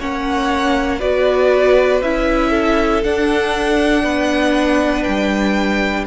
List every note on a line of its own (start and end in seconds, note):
0.00 1.02 A#3
0.00 1.00 C#4
0.00 0.99 C#5
0.00 1.01 F#5
0.99 2.02 B3
0.99 2.02 F#4
0.99 2.50 B4
0.99 2.02 D5
2.02 3.03 C#4
2.02 3.04 E4
2.02 3.04 E5
2.50 4.03 A4
3.04 4.03 D4
3.04 6.07 D4
3.04 5.04 F#5
4.03 5.05 B3
4.03 6.07 B4
5.04 6.07 G3
5.04 6.06 G5